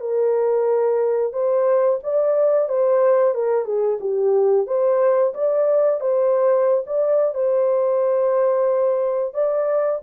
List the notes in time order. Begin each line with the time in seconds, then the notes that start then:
0.00 A#4
1.32 C5
2.03 D5
2.68 C5
3.34 A#4
3.65 G#4
4.00 G4
4.66 C5
5.34 D5
6.00 C5
6.86 D5
7.34 C5
9.34 D5